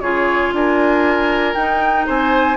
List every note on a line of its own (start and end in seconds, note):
0.00 0.51 C#3
0.00 1.56 F4
0.00 0.54 G#4
0.00 0.51 C#5
0.52 1.55 D4
0.52 2.06 A#4
0.52 1.54 G#5
1.54 2.07 D#4
1.54 2.56 D#4
1.54 2.05 G5
2.06 2.56 C4
2.06 2.56 C5
2.06 2.56 G#5